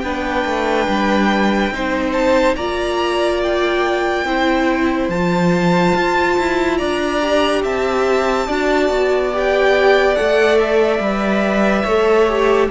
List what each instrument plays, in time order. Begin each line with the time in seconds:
0.00 cello B3, viola D4, violin B4 G5
0.45 cello A3
0.88 cello G3
1.71 cello C4, viola D#4, violin C5
2.13 violin A5
2.56 cello A#3, viola F4, violin D5 A#5
3.43 violin G5
4.25 cello C4, viola E4, violin C5
5.09 cello F3, viola F4, violin A5
5.96 cello F4
6.39 cello E4
6.78 cello D4, violin D5 A#5
7.22 viola G4
7.63 cello C4, violin E5 A5
8.47 cello D4, viola F#4, violin D5
8.90 cello B3
9.33 viola G4, violin G5
10.16 cello A3, viola A4, violin F#5
10.60 violin E5
10.99 cello G3, viola B4
11.84 cello A3, viola A4, violin C#5
12.29 viola G4